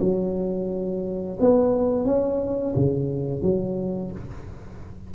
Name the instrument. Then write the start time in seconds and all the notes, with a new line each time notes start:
tuba
0.00 F#3
1.40 B3
2.05 C#4
2.75 C#3
3.42 F#3